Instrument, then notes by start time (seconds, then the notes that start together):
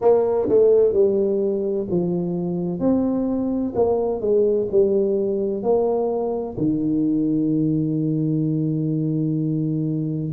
tuba
0.01 A#3
0.49 A3
0.93 G3
1.90 F3
2.79 C4
3.75 A#3
4.21 G#3
4.70 G3
5.62 A#3
6.57 D#3